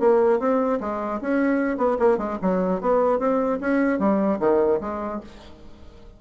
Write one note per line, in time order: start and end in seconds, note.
0.00 0.40 A#3
0.40 0.80 C4
0.80 1.20 G#3
1.21 1.77 C#4
1.77 1.97 B3
1.99 2.18 A#3
2.18 2.38 G#3
2.42 2.81 F#3
2.81 3.19 B3
3.19 3.59 C4
3.61 3.99 C#4
3.99 4.39 G3
4.40 4.80 D#3
4.81 5.21 G#3